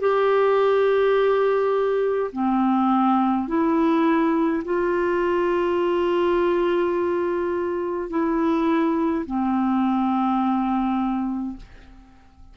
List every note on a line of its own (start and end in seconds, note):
0.00 2.31 G4
2.32 3.48 C4
3.48 4.63 E4
4.64 8.09 F4
8.09 9.25 E4
9.26 11.56 C4